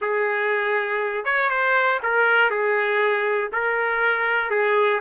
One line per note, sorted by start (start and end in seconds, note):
0.01 1.25 G#4
1.25 1.49 C#5
1.49 1.99 C5
2.02 2.50 A#4
2.50 3.50 G#4
3.52 4.50 A#4
4.50 5.00 G#4